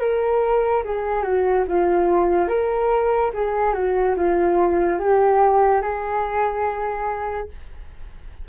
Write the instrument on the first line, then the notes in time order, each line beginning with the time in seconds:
flute
0.00 A#4
0.84 G#4
1.23 F#4
1.68 F4
2.48 A#4
3.34 G#4
3.74 F#4
4.16 F4
4.99 G4
5.82 G#4